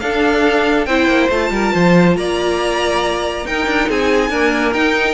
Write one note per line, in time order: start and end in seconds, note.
0.00 0.87 D4
0.00 0.88 D4
0.00 0.87 A4
0.00 0.86 F5
0.86 1.07 C4
0.86 1.30 E4
0.86 1.52 C5
0.86 1.29 G5
1.07 1.29 A#3
1.30 1.51 A3
1.30 3.46 F4
1.30 2.17 A5
1.51 1.72 G3
1.51 1.74 A#4
1.74 2.17 F3
1.74 2.17 C5
2.17 3.46 A#3
2.17 3.47 D5
2.17 3.46 A#5
3.46 3.67 D#4
3.46 4.33 D#4
3.46 3.90 A#4
3.46 3.90 G5
3.67 3.88 D4
3.89 4.30 C4
3.89 4.30 G#4
3.89 4.73 G#5
4.30 4.75 A#3
4.30 4.73 D4
4.30 5.14 A#4
4.73 5.14 D#4
4.73 5.14 G5